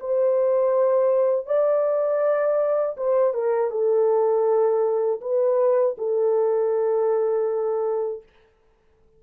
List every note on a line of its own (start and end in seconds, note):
0.00 1.46 C5
1.46 2.96 D5
2.97 3.34 C5
3.34 3.70 A#4
3.70 5.20 A4
5.21 5.96 B4
5.98 8.23 A4